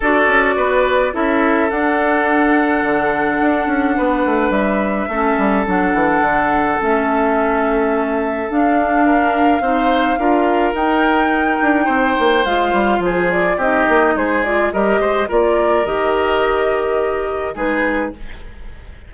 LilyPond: <<
  \new Staff \with { instrumentName = "flute" } { \time 4/4 \tempo 4 = 106 d''2 e''4 fis''4~ | fis''1 | e''2 fis''2 | e''2. f''4~ |
f''2. g''4~ | g''2 f''4 c''8 d''8 | dis''4 c''8 d''8 dis''4 d''4 | dis''2. b'4 | }
  \new Staff \with { instrumentName = "oboe" } { \time 4/4 a'4 b'4 a'2~ | a'2. b'4~ | b'4 a'2.~ | a'1 |
ais'4 c''4 ais'2~ | ais'4 c''2 gis'4 | g'4 gis'4 ais'8 c''8 ais'4~ | ais'2. gis'4 | }
  \new Staff \with { instrumentName = "clarinet" } { \time 4/4 fis'2 e'4 d'4~ | d'1~ | d'4 cis'4 d'2 | cis'2. d'4~ |
d'4 dis'4 f'4 dis'4~ | dis'2 f'2 | dis'4. f'8 g'4 f'4 | g'2. dis'4 | }
  \new Staff \with { instrumentName = "bassoon" } { \time 4/4 d'8 cis'8 b4 cis'4 d'4~ | d'4 d4 d'8 cis'8 b8 a8 | g4 a8 g8 fis8 e8 d4 | a2. d'4~ |
d'4 c'4 d'4 dis'4~ | dis'8 d'8 c'8 ais8 gis8 g8 f4 | c'8 ais8 gis4 g8 gis8 ais4 | dis2. gis4 | }
>>